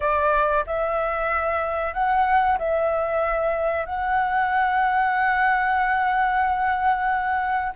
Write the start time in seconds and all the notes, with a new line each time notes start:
0.00 D5
0.66 E5
1.93 F#5
2.58 E5
3.85 F#5